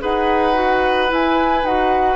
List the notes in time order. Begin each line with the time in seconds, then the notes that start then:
0.00 D#4 G#4 B4 F#5
0.53 F#4
1.07 E4 G#5
1.63 D#4 F#4 F#5